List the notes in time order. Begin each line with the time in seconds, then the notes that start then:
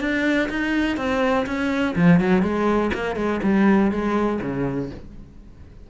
0.00 D4
0.49 D#4
0.97 C4
1.46 C#4
1.96 F3
2.20 F#3
2.42 G#3
2.94 A#3
3.16 G#3
3.43 G3
3.91 G#3
4.41 C#3